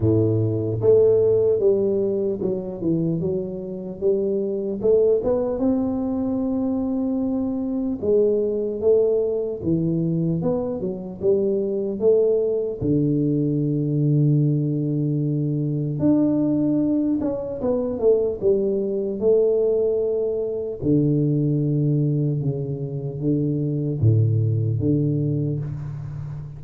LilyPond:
\new Staff \with { instrumentName = "tuba" } { \time 4/4 \tempo 4 = 75 a,4 a4 g4 fis8 e8 | fis4 g4 a8 b8 c'4~ | c'2 gis4 a4 | e4 b8 fis8 g4 a4 |
d1 | d'4. cis'8 b8 a8 g4 | a2 d2 | cis4 d4 a,4 d4 | }